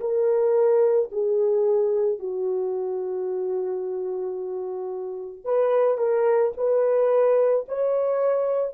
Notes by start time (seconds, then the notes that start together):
0.00 A#4
1.12 G#4
2.19 F#4
5.44 B4
5.98 A#4
6.57 B4
7.68 C#5